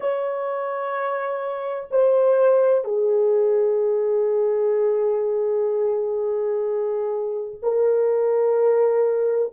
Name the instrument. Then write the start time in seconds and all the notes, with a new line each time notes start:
horn
0.00 C#5
1.90 C5
2.84 G#4
7.62 A#4